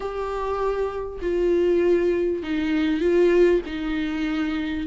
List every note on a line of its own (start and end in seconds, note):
0.00 1.19 G4
1.21 2.42 F4
2.42 3.00 D#4
3.00 3.61 F4
3.66 4.87 D#4